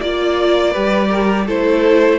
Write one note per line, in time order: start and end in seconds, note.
0.00 0.75 A#3
0.00 0.74 F4
0.00 0.71 D5
0.00 1.47 D5
0.71 1.48 G3
0.71 1.47 G4
0.71 1.08 B4
1.08 1.45 A#4
1.46 2.19 A3
1.46 2.19 E4
1.46 2.19 A4
1.46 2.19 C5